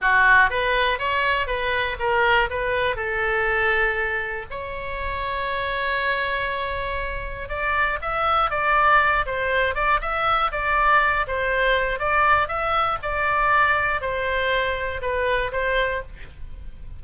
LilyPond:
\new Staff \with { instrumentName = "oboe" } { \time 4/4 \tempo 4 = 120 fis'4 b'4 cis''4 b'4 | ais'4 b'4 a'2~ | a'4 cis''2.~ | cis''2. d''4 |
e''4 d''4. c''4 d''8 | e''4 d''4. c''4. | d''4 e''4 d''2 | c''2 b'4 c''4 | }